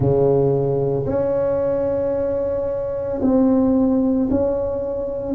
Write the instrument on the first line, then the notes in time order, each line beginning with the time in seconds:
tuba
0.00 C#3
1.06 C#4
3.21 C4
4.30 C#4